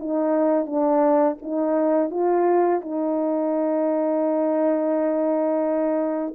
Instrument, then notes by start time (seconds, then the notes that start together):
horn
0.00 D#4
0.66 D4
1.42 D#4
2.10 F4
2.81 D#4